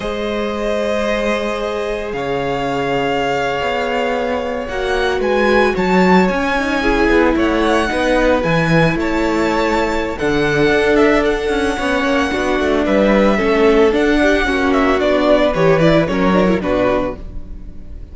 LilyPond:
<<
  \new Staff \with { instrumentName = "violin" } { \time 4/4 \tempo 4 = 112 dis''1 | f''1~ | f''8. fis''4 gis''4 a''4 gis''16~ | gis''4.~ gis''16 fis''2 gis''16~ |
gis''8. a''2~ a''16 fis''4~ | fis''8 e''8 fis''2. | e''2 fis''4. e''8 | d''4 cis''8 d''8 cis''4 b'4 | }
  \new Staff \with { instrumentName = "violin" } { \time 4/4 c''1 | cis''1~ | cis''4.~ cis''16 b'4 cis''4~ cis''16~ | cis''8. gis'4 cis''4 b'4~ b'16~ |
b'8. cis''2~ cis''16 a'4~ | a'2 cis''4 fis'4 | b'4 a'4. g'8 fis'4~ | fis'8. b'4~ b'16 ais'4 fis'4 | }
  \new Staff \with { instrumentName = "viola" } { \time 4/4 gis'1~ | gis'1~ | gis'8. fis'2. cis'16~ | cis'16 dis'8 e'2 dis'4 e'16~ |
e'2. d'4~ | d'2 cis'4 d'4~ | d'4 cis'4 d'4 cis'4 | d'4 g'8 e'8 cis'8 d'16 e'16 d'4 | }
  \new Staff \with { instrumentName = "cello" } { \time 4/4 gis1 | cis2~ cis8. b4~ b16~ | b8. ais4 gis4 fis4 cis'16~ | cis'4~ cis'16 b8 a4 b4 e16~ |
e8. a2~ a16 d4 | d'4. cis'8 b8 ais8 b8 a8 | g4 a4 d'4 ais4 | b4 e4 fis4 b,4 | }
>>